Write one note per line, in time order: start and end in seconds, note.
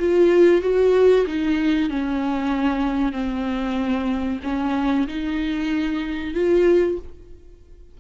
0.00 0.62 F4
0.62 1.26 F#4
1.27 1.90 D#4
1.90 3.12 C#4
3.12 4.40 C4
4.44 5.07 C#4
5.08 6.35 D#4
6.35 6.98 F4